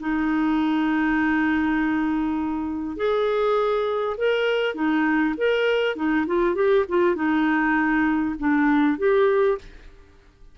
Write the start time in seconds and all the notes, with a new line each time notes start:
0.00 D#4
2.97 G#4
4.18 A#4
4.75 D#4
5.38 A#4
5.96 D#4
6.27 F4
6.55 G4
6.89 F4
7.16 D#4
8.39 D4
8.98 G4